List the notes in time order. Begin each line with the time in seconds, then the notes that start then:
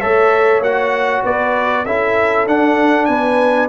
0.00 A3 A4 C#5 E5
0.60 A#3 F#4 F#5
1.23 B3 B4 D5
1.85 C#4 E4 A4 E5
2.47 D4 F#5
3.05 B3 B4 G#5